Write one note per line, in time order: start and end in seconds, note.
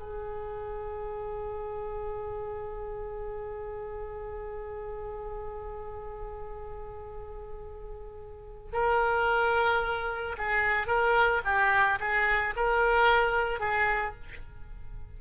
0.00 8.73 G#4
8.73 10.37 A#4
10.38 10.87 G#4
10.87 11.42 A#4
11.45 12.00 G4
12.00 12.55 G#4
12.57 13.60 A#4
13.60 14.15 G#4